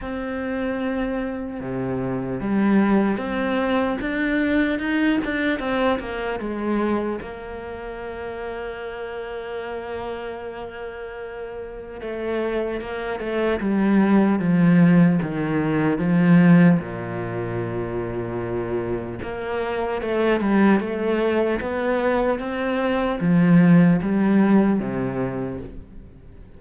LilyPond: \new Staff \with { instrumentName = "cello" } { \time 4/4 \tempo 4 = 75 c'2 c4 g4 | c'4 d'4 dis'8 d'8 c'8 ais8 | gis4 ais2.~ | ais2. a4 |
ais8 a8 g4 f4 dis4 | f4 ais,2. | ais4 a8 g8 a4 b4 | c'4 f4 g4 c4 | }